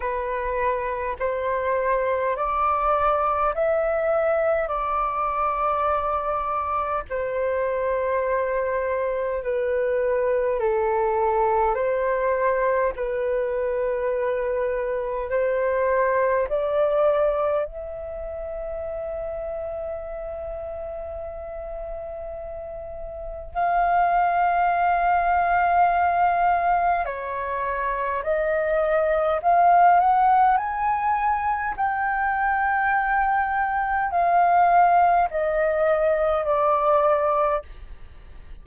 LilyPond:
\new Staff \with { instrumentName = "flute" } { \time 4/4 \tempo 4 = 51 b'4 c''4 d''4 e''4 | d''2 c''2 | b'4 a'4 c''4 b'4~ | b'4 c''4 d''4 e''4~ |
e''1 | f''2. cis''4 | dis''4 f''8 fis''8 gis''4 g''4~ | g''4 f''4 dis''4 d''4 | }